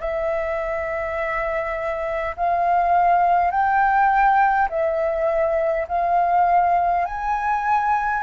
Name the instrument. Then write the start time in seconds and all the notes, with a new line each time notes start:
flute
0.00 E5
2.36 F5
3.51 G5
4.69 E5
5.88 F5
7.05 G#5